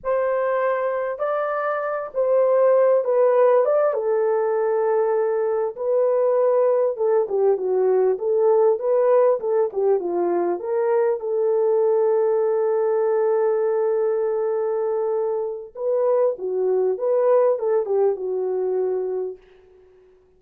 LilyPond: \new Staff \with { instrumentName = "horn" } { \time 4/4 \tempo 4 = 99 c''2 d''4. c''8~ | c''4 b'4 d''8 a'4.~ | a'4. b'2 a'8 | g'8 fis'4 a'4 b'4 a'8 |
g'8 f'4 ais'4 a'4.~ | a'1~ | a'2 b'4 fis'4 | b'4 a'8 g'8 fis'2 | }